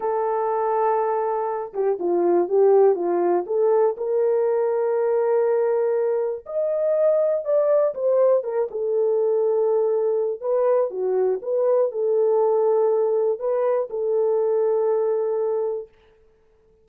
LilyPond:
\new Staff \with { instrumentName = "horn" } { \time 4/4 \tempo 4 = 121 a'2.~ a'8 g'8 | f'4 g'4 f'4 a'4 | ais'1~ | ais'4 dis''2 d''4 |
c''4 ais'8 a'2~ a'8~ | a'4 b'4 fis'4 b'4 | a'2. b'4 | a'1 | }